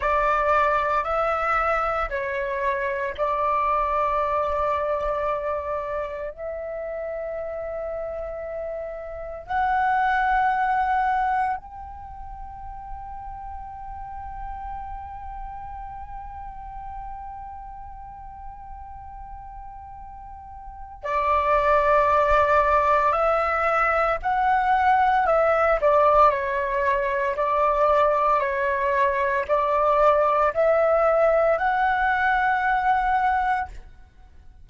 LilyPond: \new Staff \with { instrumentName = "flute" } { \time 4/4 \tempo 4 = 57 d''4 e''4 cis''4 d''4~ | d''2 e''2~ | e''4 fis''2 g''4~ | g''1~ |
g''1 | d''2 e''4 fis''4 | e''8 d''8 cis''4 d''4 cis''4 | d''4 e''4 fis''2 | }